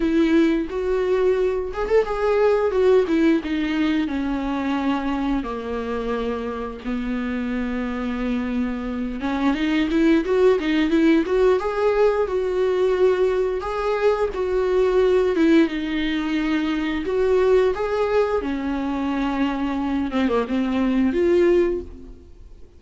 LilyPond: \new Staff \with { instrumentName = "viola" } { \time 4/4 \tempo 4 = 88 e'4 fis'4. gis'16 a'16 gis'4 | fis'8 e'8 dis'4 cis'2 | ais2 b2~ | b4. cis'8 dis'8 e'8 fis'8 dis'8 |
e'8 fis'8 gis'4 fis'2 | gis'4 fis'4. e'8 dis'4~ | dis'4 fis'4 gis'4 cis'4~ | cis'4. c'16 ais16 c'4 f'4 | }